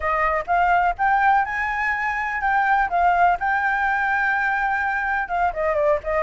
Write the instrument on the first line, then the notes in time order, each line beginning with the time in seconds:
flute
0.00 D#5
0.46 F5
0.98 G5
1.45 G#5
2.41 G5
2.89 F5
3.39 G5
5.28 F5
5.53 D#5
5.75 D5
6.03 D#5